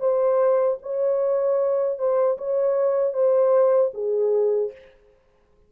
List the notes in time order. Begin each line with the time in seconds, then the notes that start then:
0.00 C5
0.82 C#5
1.99 C5
2.38 C#5
3.14 C5
3.94 G#4